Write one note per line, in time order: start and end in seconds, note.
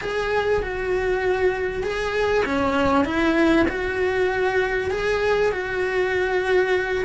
0.01 0.62 G#4
0.62 1.83 F#4
1.83 2.44 G#4
2.45 3.04 C#4
3.04 3.66 E4
3.68 4.90 F#4
4.91 5.52 G#4
5.52 7.05 F#4